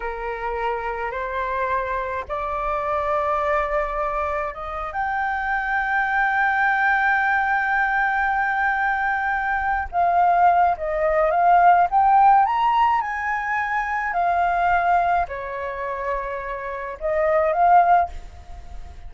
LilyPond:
\new Staff \with { instrumentName = "flute" } { \time 4/4 \tempo 4 = 106 ais'2 c''2 | d''1 | dis''8. g''2.~ g''16~ | g''1~ |
g''4. f''4. dis''4 | f''4 g''4 ais''4 gis''4~ | gis''4 f''2 cis''4~ | cis''2 dis''4 f''4 | }